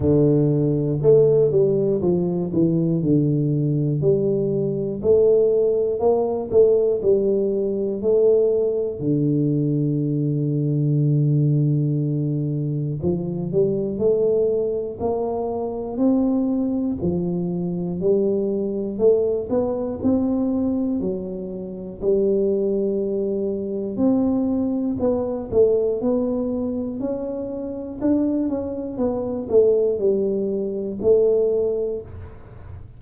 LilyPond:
\new Staff \with { instrumentName = "tuba" } { \time 4/4 \tempo 4 = 60 d4 a8 g8 f8 e8 d4 | g4 a4 ais8 a8 g4 | a4 d2.~ | d4 f8 g8 a4 ais4 |
c'4 f4 g4 a8 b8 | c'4 fis4 g2 | c'4 b8 a8 b4 cis'4 | d'8 cis'8 b8 a8 g4 a4 | }